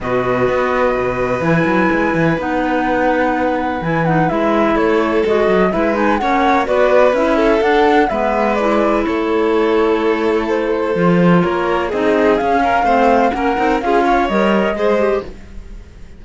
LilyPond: <<
  \new Staff \with { instrumentName = "flute" } { \time 4/4 \tempo 4 = 126 dis''2. gis''4~ | gis''4 fis''2. | gis''8 fis''8 e''4 cis''4 dis''4 | e''8 gis''8 fis''4 d''4 e''4 |
fis''4 e''4 d''4 cis''4~ | cis''2 c''2 | cis''4 dis''4 f''2 | fis''4 f''4 dis''2 | }
  \new Staff \with { instrumentName = "violin" } { \time 4/4 b'1~ | b'1~ | b'2 a'2 | b'4 cis''4 b'4. a'8~ |
a'4 b'2 a'4~ | a'1 | ais'4 gis'4. ais'8 c''4 | ais'4 gis'8 cis''4. c''4 | }
  \new Staff \with { instrumentName = "clarinet" } { \time 4/4 fis'2. e'4~ | e'4 dis'2. | e'8 dis'8 e'2 fis'4 | e'8 dis'8 cis'4 fis'4 e'4 |
d'4 b4 e'2~ | e'2. f'4~ | f'4 dis'4 cis'4 c'4 | cis'8 dis'8 f'4 ais'4 gis'8 g'8 | }
  \new Staff \with { instrumentName = "cello" } { \time 4/4 b,4 b4 b,4 e8 fis8 | gis8 e8 b2. | e4 gis4 a4 gis8 fis8 | gis4 ais4 b4 cis'4 |
d'4 gis2 a4~ | a2. f4 | ais4 c'4 cis'4 a4 | ais8 c'8 cis'4 g4 gis4 | }
>>